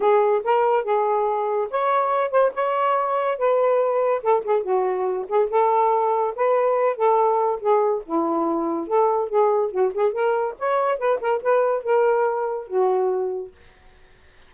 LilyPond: \new Staff \with { instrumentName = "saxophone" } { \time 4/4 \tempo 4 = 142 gis'4 ais'4 gis'2 | cis''4. c''8 cis''2 | b'2 a'8 gis'8 fis'4~ | fis'8 gis'8 a'2 b'4~ |
b'8 a'4. gis'4 e'4~ | e'4 a'4 gis'4 fis'8 gis'8 | ais'4 cis''4 b'8 ais'8 b'4 | ais'2 fis'2 | }